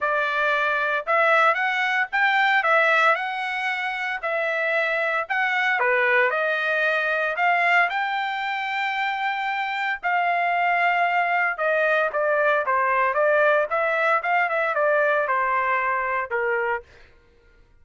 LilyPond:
\new Staff \with { instrumentName = "trumpet" } { \time 4/4 \tempo 4 = 114 d''2 e''4 fis''4 | g''4 e''4 fis''2 | e''2 fis''4 b'4 | dis''2 f''4 g''4~ |
g''2. f''4~ | f''2 dis''4 d''4 | c''4 d''4 e''4 f''8 e''8 | d''4 c''2 ais'4 | }